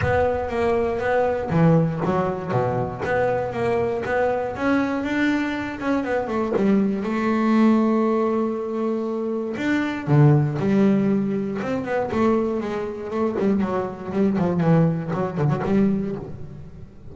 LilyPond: \new Staff \with { instrumentName = "double bass" } { \time 4/4 \tempo 4 = 119 b4 ais4 b4 e4 | fis4 b,4 b4 ais4 | b4 cis'4 d'4. cis'8 | b8 a8 g4 a2~ |
a2. d'4 | d4 g2 c'8 b8 | a4 gis4 a8 g8 fis4 | g8 f8 e4 fis8 d16 fis16 g4 | }